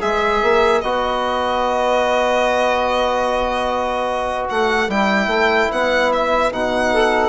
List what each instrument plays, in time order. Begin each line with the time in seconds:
0.00 bassoon G#3, trombone G#4, saxophone B4, violin E5
0.42 bassoon A#3
0.81 bassoon B3, trombone F#4, violin D#5
4.49 bassoon A3, violin F#5
4.88 bassoon G3, trombone E4, violin G5
5.27 bassoon A3
5.71 bassoon B3, violin F#5
6.12 violin E5
6.52 bassoon B2, trombone D#4, violin F#5
6.92 saxophone A4